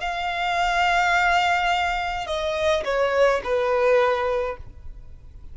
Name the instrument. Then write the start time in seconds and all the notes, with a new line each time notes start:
violin
0.00 F5
2.26 D#5
2.85 C#5
3.43 B4